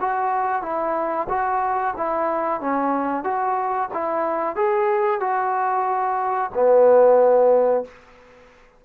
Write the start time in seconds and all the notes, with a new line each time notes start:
0.00 F#4
0.62 E4
1.29 F#4
1.97 E4
2.61 C#4
3.24 F#4
3.93 E4
4.56 G#4
5.20 F#4
6.54 B3